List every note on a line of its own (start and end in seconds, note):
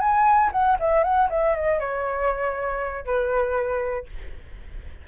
0.00 0.50 G#5
0.52 0.77 F#5
0.79 1.03 E5
1.03 1.29 F#5
1.30 1.55 E5
1.55 1.79 D#5
1.79 3.05 C#5
3.05 4.06 B4